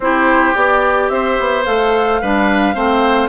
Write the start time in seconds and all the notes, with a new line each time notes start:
0.00 C4 E4 G4 C5
0.54 B3 G4 D5
1.08 C4 C5 E5
1.39 B3
1.65 A3 A4 F5
2.21 G3 D4 B4
2.74 A3 C4 C5